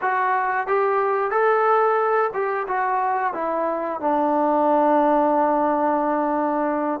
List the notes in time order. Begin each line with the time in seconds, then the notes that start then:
0.01 F#4
0.67 G4
1.30 A4
2.33 G4
2.67 F#4
3.33 E4
4.00 D4